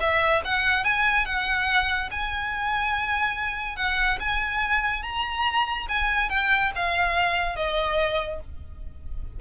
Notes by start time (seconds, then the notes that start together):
0.00 E5
0.45 F#5
0.84 G#5
1.26 F#5
2.11 G#5
3.76 F#5
4.20 G#5
5.03 A#5
5.89 G#5
6.30 G5
6.75 F5
7.56 D#5